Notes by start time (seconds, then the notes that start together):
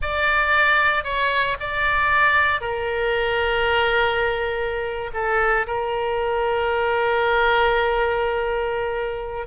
0.01 D5
1.04 C#5
1.59 D5
2.61 A#4
5.13 A4
5.67 A#4